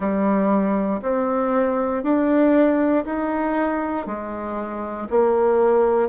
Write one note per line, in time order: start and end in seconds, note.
0.00 1.00 G3
1.02 2.03 C4
2.03 3.05 D4
3.05 4.06 D#4
4.06 5.08 G#3
5.10 6.08 A#3